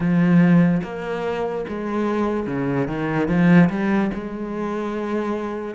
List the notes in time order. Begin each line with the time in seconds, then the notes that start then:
0.00 F3
0.83 A#3
1.68 G#3
2.47 C#3
2.87 D#3
3.28 F3
3.69 G3
4.14 G#3